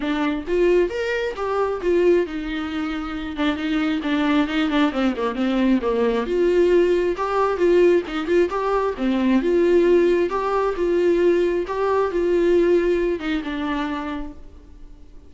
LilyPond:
\new Staff \with { instrumentName = "viola" } { \time 4/4 \tempo 4 = 134 d'4 f'4 ais'4 g'4 | f'4 dis'2~ dis'8 d'8 | dis'4 d'4 dis'8 d'8 c'8 ais8 | c'4 ais4 f'2 |
g'4 f'4 dis'8 f'8 g'4 | c'4 f'2 g'4 | f'2 g'4 f'4~ | f'4. dis'8 d'2 | }